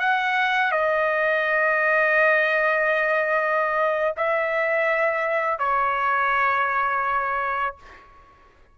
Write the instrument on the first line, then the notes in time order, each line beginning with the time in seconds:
trumpet
0.00 F#5
0.72 D#5
4.17 E5
5.59 C#5